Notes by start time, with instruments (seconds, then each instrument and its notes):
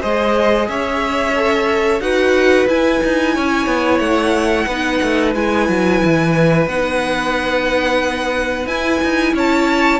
0.00 cello G#3, viola G#4, violin C5 D#5
0.68 cello C#4, violin C#5 E5
1.36 viola A4
1.99 cello D#4, viola F#4, violin B4 F#5
2.67 cello E4, viola E4, violin G#5
3.04 cello D#4
3.34 cello C#4, violin C#5
3.66 cello B3
3.99 cello A3, violin F#5
4.66 cello B3, viola D#4, violin B4
5.02 cello A3
5.35 cello G#3, viola E4, violin G#5
5.69 cello F#3
6.04 cello E3
6.67 cello B3, viola D#4, violin F#5
8.66 cello E4, viola E4, violin G#5
9.03 cello D#4
9.33 cello C#4, violin C#5 A5